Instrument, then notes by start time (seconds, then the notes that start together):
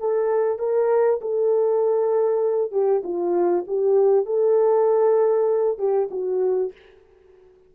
horn
0.00 A4
0.59 A#4
1.21 A4
2.72 G4
3.04 F4
3.67 G4
4.26 A4
5.79 G4
6.11 F#4